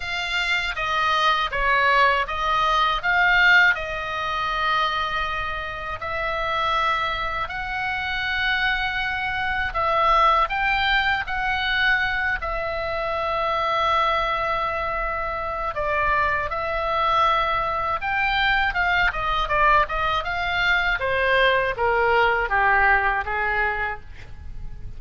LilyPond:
\new Staff \with { instrumentName = "oboe" } { \time 4/4 \tempo 4 = 80 f''4 dis''4 cis''4 dis''4 | f''4 dis''2. | e''2 fis''2~ | fis''4 e''4 g''4 fis''4~ |
fis''8 e''2.~ e''8~ | e''4 d''4 e''2 | g''4 f''8 dis''8 d''8 dis''8 f''4 | c''4 ais'4 g'4 gis'4 | }